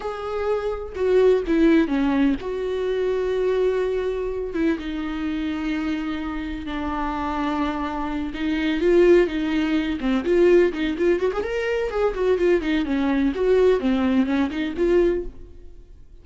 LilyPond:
\new Staff \with { instrumentName = "viola" } { \time 4/4 \tempo 4 = 126 gis'2 fis'4 e'4 | cis'4 fis'2.~ | fis'4. e'8 dis'2~ | dis'2 d'2~ |
d'4. dis'4 f'4 dis'8~ | dis'4 c'8 f'4 dis'8 f'8 fis'16 gis'16 | ais'4 gis'8 fis'8 f'8 dis'8 cis'4 | fis'4 c'4 cis'8 dis'8 f'4 | }